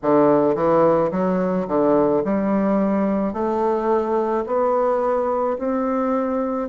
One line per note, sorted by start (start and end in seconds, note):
0.02 0.55 D3
0.55 1.11 E3
1.11 1.66 F#3
1.67 2.23 D3
2.24 3.33 G3
3.33 4.44 A3
4.46 5.57 B3
5.58 6.68 C4